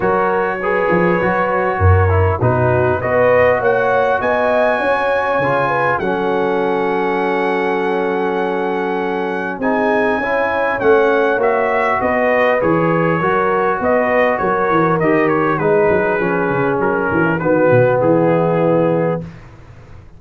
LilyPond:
<<
  \new Staff \with { instrumentName = "trumpet" } { \time 4/4 \tempo 4 = 100 cis''1 | b'4 dis''4 fis''4 gis''4~ | gis''2 fis''2~ | fis''1 |
gis''2 fis''4 e''4 | dis''4 cis''2 dis''4 | cis''4 dis''8 cis''8 b'2 | ais'4 b'4 gis'2 | }
  \new Staff \with { instrumentName = "horn" } { \time 4/4 ais'4 b'2 ais'4 | fis'4 b'4 cis''4 dis''4 | cis''4. b'8 a'2~ | a'1 |
gis'4 cis''2. | b'2 ais'4 b'4 | ais'2 gis'2~ | gis'8 fis'16 e'16 fis'4 e'2 | }
  \new Staff \with { instrumentName = "trombone" } { \time 4/4 fis'4 gis'4 fis'4. e'8 | dis'4 fis'2.~ | fis'4 f'4 cis'2~ | cis'1 |
dis'4 e'4 cis'4 fis'4~ | fis'4 gis'4 fis'2~ | fis'4 g'4 dis'4 cis'4~ | cis'4 b2. | }
  \new Staff \with { instrumentName = "tuba" } { \time 4/4 fis4. f8 fis4 fis,4 | b,4 b4 ais4 b4 | cis'4 cis4 fis2~ | fis1 |
c'4 cis'4 a4 ais4 | b4 e4 fis4 b4 | fis8 e8 dis4 gis8 fis8 f8 cis8 | fis8 e8 dis8 b,8 e2 | }
>>